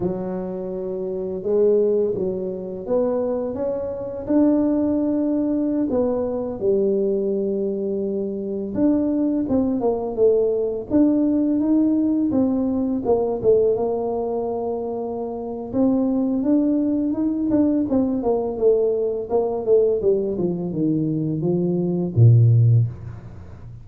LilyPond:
\new Staff \with { instrumentName = "tuba" } { \time 4/4 \tempo 4 = 84 fis2 gis4 fis4 | b4 cis'4 d'2~ | d'16 b4 g2~ g8.~ | g16 d'4 c'8 ais8 a4 d'8.~ |
d'16 dis'4 c'4 ais8 a8 ais8.~ | ais2 c'4 d'4 | dis'8 d'8 c'8 ais8 a4 ais8 a8 | g8 f8 dis4 f4 ais,4 | }